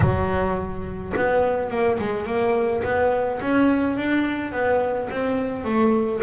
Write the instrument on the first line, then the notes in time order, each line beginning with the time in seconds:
double bass
0.00 F#3
1.16 B3
1.70 A#3
1.98 G#3
2.26 A#3
2.83 B3
3.41 C#4
3.96 D4
4.52 B3
5.10 C4
5.64 A3